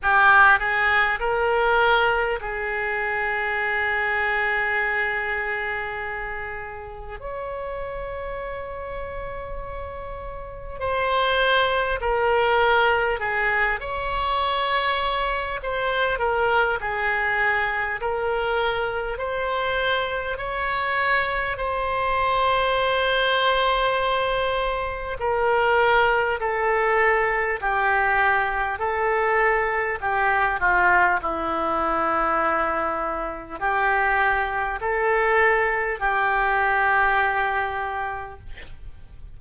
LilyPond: \new Staff \with { instrumentName = "oboe" } { \time 4/4 \tempo 4 = 50 g'8 gis'8 ais'4 gis'2~ | gis'2 cis''2~ | cis''4 c''4 ais'4 gis'8 cis''8~ | cis''4 c''8 ais'8 gis'4 ais'4 |
c''4 cis''4 c''2~ | c''4 ais'4 a'4 g'4 | a'4 g'8 f'8 e'2 | g'4 a'4 g'2 | }